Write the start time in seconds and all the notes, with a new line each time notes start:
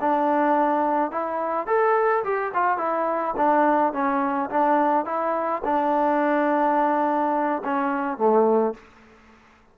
0.00 D4
1.11 E4
1.66 A4
2.23 G4
2.53 F4
2.77 E4
3.36 D4
3.93 C#4
4.49 D4
5.05 E4
5.64 D4
7.64 C#4
8.17 A3